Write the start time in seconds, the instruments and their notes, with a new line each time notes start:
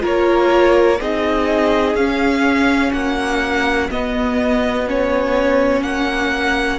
0.00 cello A#3, viola F4, violin A#4 C#5
1.00 cello C4, viola D#4, violin G#4 D#5
1.95 cello C#4, viola C#4, violin F5
2.92 cello A#3, violin F#4 F#5
3.90 viola B3, cello B3, violin D#5
4.87 viola C#4, violin C#5
5.82 cello A#3, violin F#5